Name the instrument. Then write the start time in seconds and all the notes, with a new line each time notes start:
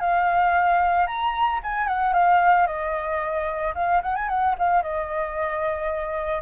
flute
0.00 F5
1.07 A#5
1.63 G#5
1.87 F#5
2.13 F5
2.67 D#5
3.75 F5
4.03 F#5
4.15 G#5
4.28 F#5
4.58 F5
4.82 D#5